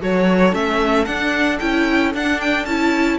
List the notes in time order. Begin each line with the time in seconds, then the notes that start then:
0.00 F#3 F#4 A4 C#5
0.53 A3 C#4 E5
1.05 D4 F#5
1.60 C#4 E4 G5
2.14 D4 F#5
2.41 G5
2.65 C#4 E4 A5